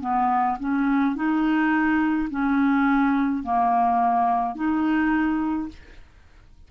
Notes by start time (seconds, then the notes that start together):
0.00 B3
0.59 C#4
1.15 D#4
2.30 C#4
3.43 A#3
4.55 D#4